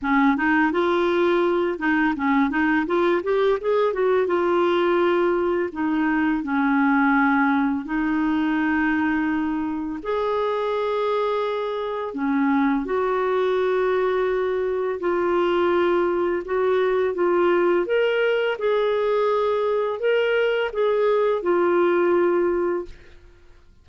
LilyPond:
\new Staff \with { instrumentName = "clarinet" } { \time 4/4 \tempo 4 = 84 cis'8 dis'8 f'4. dis'8 cis'8 dis'8 | f'8 g'8 gis'8 fis'8 f'2 | dis'4 cis'2 dis'4~ | dis'2 gis'2~ |
gis'4 cis'4 fis'2~ | fis'4 f'2 fis'4 | f'4 ais'4 gis'2 | ais'4 gis'4 f'2 | }